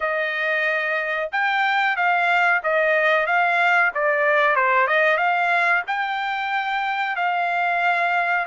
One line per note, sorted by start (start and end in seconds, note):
0.00 1.30 D#5
1.32 1.96 G5
1.96 2.61 F5
2.63 3.26 D#5
3.26 3.91 F5
3.94 4.55 D5
4.55 4.87 C5
4.87 5.17 D#5
5.17 5.82 F5
5.87 7.16 G5
7.16 8.46 F5